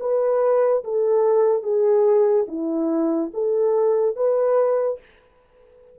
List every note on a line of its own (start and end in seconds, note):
0.00 0.83 B4
0.84 1.62 A4
1.62 2.46 G#4
2.48 3.31 E4
3.33 4.16 A4
4.16 4.99 B4